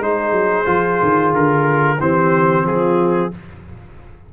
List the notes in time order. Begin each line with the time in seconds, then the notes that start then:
0.00 G#3 D#4 G#4 C5
0.32 F#3
0.65 F3 F4
1.02 D#3
1.33 D3 A#4
2.00 E3 C4 G4 C5
2.64 F3 F4 G#4